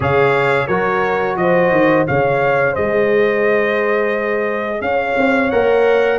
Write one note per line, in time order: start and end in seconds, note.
0.00 0.68 C#3
0.00 0.68 G#4
0.00 0.67 C#5
0.00 0.67 F5
0.67 1.36 F#3
0.67 2.07 F#4
0.67 1.36 A#4
0.67 1.36 C#5
1.36 1.71 F3
1.36 2.07 C5
1.36 2.05 D#5
1.71 2.05 D#3
2.07 2.76 C#3
2.07 5.51 G#4
2.07 2.72 C#5
2.07 2.75 F5
2.72 4.81 G#3
2.72 4.78 C5
2.72 4.81 D#5
4.81 5.15 C#4
4.81 6.19 C#5
4.81 5.50 F5
5.17 5.51 C4
5.50 6.19 A#3
5.50 6.19 A#4
5.50 6.19 F#5